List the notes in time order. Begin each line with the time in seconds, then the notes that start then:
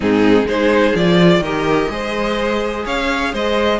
0.00 G#2 C4 D#4 G#4
0.45 G#3 D#4 G#4 C5
0.95 F3 F4 D5
1.39 D#3 G4 A#4 D#5
1.89 G#3 G#4 C5
2.85 C#4 C#5 F5
3.32 G#3 C5 D#5